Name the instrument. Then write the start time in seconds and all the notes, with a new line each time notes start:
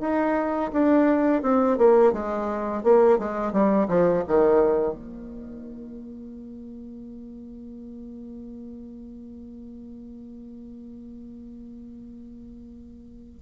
bassoon
0.00 D#4
0.73 D4
1.42 C4
1.78 A#3
2.12 G#3
2.83 A#3
3.18 G#3
3.52 G3
3.88 F3
4.27 D#3
4.93 A#3